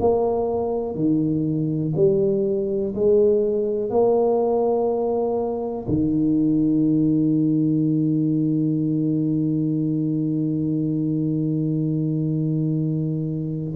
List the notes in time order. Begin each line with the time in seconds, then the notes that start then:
0.00 A#3
0.95 D#3
1.96 G3
2.95 G#3
3.90 A#3
5.88 D#3